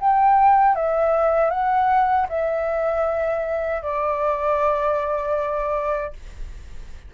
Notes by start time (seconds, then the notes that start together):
0.00 G5
0.76 E5
1.50 F#5
2.29 E5
3.83 D5